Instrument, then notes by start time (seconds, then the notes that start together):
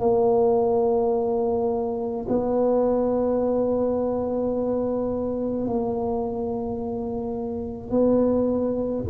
tuba
0.00 A#3
2.28 B3
5.67 A#3
7.90 B3